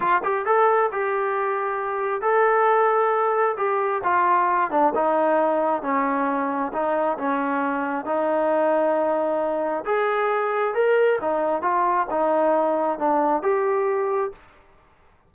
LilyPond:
\new Staff \with { instrumentName = "trombone" } { \time 4/4 \tempo 4 = 134 f'8 g'8 a'4 g'2~ | g'4 a'2. | g'4 f'4. d'8 dis'4~ | dis'4 cis'2 dis'4 |
cis'2 dis'2~ | dis'2 gis'2 | ais'4 dis'4 f'4 dis'4~ | dis'4 d'4 g'2 | }